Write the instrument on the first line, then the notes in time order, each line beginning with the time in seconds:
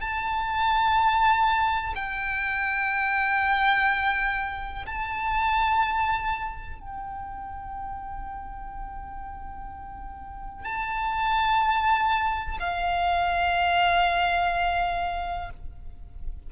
violin
0.00 A5
1.95 G5
4.86 A5
6.79 G5
10.64 A5
12.59 F5